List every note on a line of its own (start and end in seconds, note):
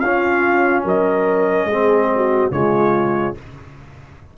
0.00 0.85 C#4
0.00 1.72 C#4
0.00 0.84 F4
0.00 0.83 F5
0.84 1.65 F#3
0.84 1.68 A#4
0.84 2.52 D#5
1.65 2.48 G#3
1.65 2.12 G#4
1.72 2.52 C4
2.15 2.54 F#4
2.51 3.35 C#3
2.51 3.35 G#3
2.51 3.37 F4
2.51 3.35 C#5